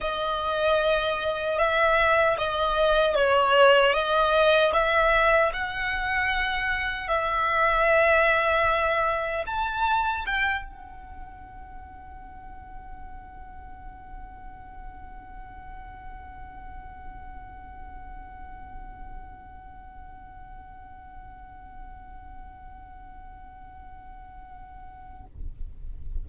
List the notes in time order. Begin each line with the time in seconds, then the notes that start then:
0.00 D#5
1.58 E5
2.38 D#5
3.15 C#5
3.93 D#5
4.73 E5
5.53 F#5
7.08 E5
9.46 A5
10.26 G5
10.64 F#5